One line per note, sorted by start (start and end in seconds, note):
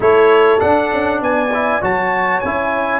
0.00 0.61 A3
0.00 0.58 E4
0.00 1.21 A4
0.00 0.60 C#5
0.58 1.49 D4
0.58 0.91 D4
0.58 1.20 F#5
0.91 1.21 C#4
1.21 1.82 B3
1.21 1.81 D5
1.21 1.83 G#5
1.54 1.81 E4
1.81 2.42 F#3
1.81 2.42 F#4
1.81 3.00 C#5
1.81 2.40 A5
2.40 3.00 C#4
2.40 3.00 E4
2.40 3.00 G#5